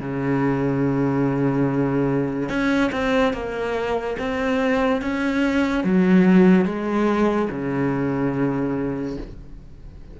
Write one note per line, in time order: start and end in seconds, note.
0.00 2.49 C#3
2.49 2.91 C#4
2.92 3.33 C4
3.33 4.16 A#3
4.19 5.02 C4
5.02 5.84 C#4
5.84 6.65 F#3
6.65 7.48 G#3
7.50 9.17 C#3